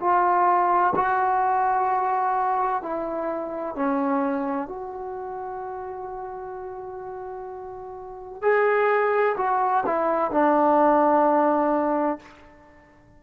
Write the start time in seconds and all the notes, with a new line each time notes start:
0.00 F4
0.95 F#4
2.83 E4
3.76 C#4
4.68 F#4
8.42 G#4
9.37 F#4
9.86 E4
10.31 D4